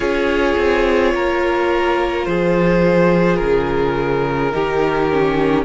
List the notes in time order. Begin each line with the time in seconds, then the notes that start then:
0.00 C#4 F4 G#4 C#5
0.57 C4
1.14 A#3 A#4
2.25 F3 G#4 C5
3.36 C#3 A#4
4.52 D#3 D#4 G4
5.11 C#4